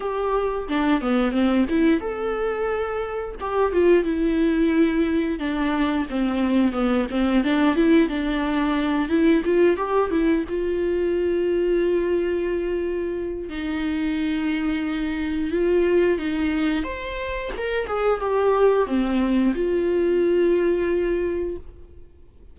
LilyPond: \new Staff \with { instrumentName = "viola" } { \time 4/4 \tempo 4 = 89 g'4 d'8 b8 c'8 e'8 a'4~ | a'4 g'8 f'8 e'2 | d'4 c'4 b8 c'8 d'8 e'8 | d'4. e'8 f'8 g'8 e'8 f'8~ |
f'1 | dis'2. f'4 | dis'4 c''4 ais'8 gis'8 g'4 | c'4 f'2. | }